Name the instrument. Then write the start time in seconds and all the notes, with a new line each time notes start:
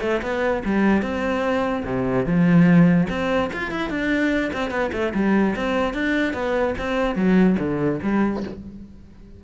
cello
0.00 A3
0.22 B3
0.65 G3
1.02 C4
1.85 C3
2.25 F3
3.09 C4
3.53 F4
3.71 E4
3.90 D4
4.53 C4
4.70 B3
4.92 A3
5.14 G3
5.55 C4
5.94 D4
6.33 B3
6.78 C4
7.15 F#3
7.59 D3
8.02 G3